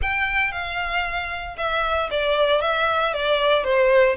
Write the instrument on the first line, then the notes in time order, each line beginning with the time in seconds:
violin
0.01 G5
0.52 F5
1.57 E5
2.10 D5
2.61 E5
3.13 D5
3.64 C5